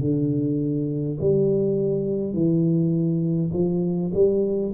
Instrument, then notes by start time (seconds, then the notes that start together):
tuba
0.00 D3
1.20 G3
2.33 E3
3.53 F3
4.13 G3